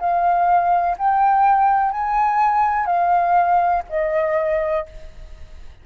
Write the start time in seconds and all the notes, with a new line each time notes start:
0.00 F5
0.99 G5
1.92 G#5
2.86 F5
3.89 D#5